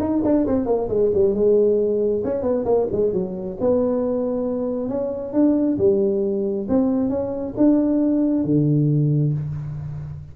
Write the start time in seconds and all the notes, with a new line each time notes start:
0.00 D#4
0.24 D4
0.47 C4
0.66 A#3
0.89 G#3
1.15 G3
1.34 G#3
2.25 C#4
2.43 B3
2.65 A#3
2.92 G#3
3.13 F#3
3.60 B3
4.89 C#4
5.33 D4
5.78 G3
6.69 C4
7.10 C#4
7.57 D4
8.44 D3